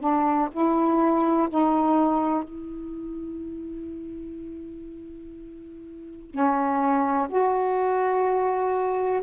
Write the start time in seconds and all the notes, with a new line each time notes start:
0.00 D4
0.51 E4
1.49 D#4
2.44 E4
6.31 C#4
7.29 F#4